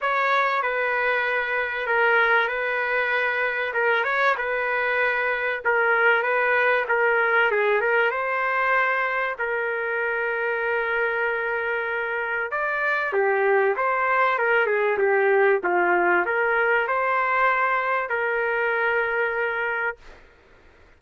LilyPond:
\new Staff \with { instrumentName = "trumpet" } { \time 4/4 \tempo 4 = 96 cis''4 b'2 ais'4 | b'2 ais'8 cis''8 b'4~ | b'4 ais'4 b'4 ais'4 | gis'8 ais'8 c''2 ais'4~ |
ais'1 | d''4 g'4 c''4 ais'8 gis'8 | g'4 f'4 ais'4 c''4~ | c''4 ais'2. | }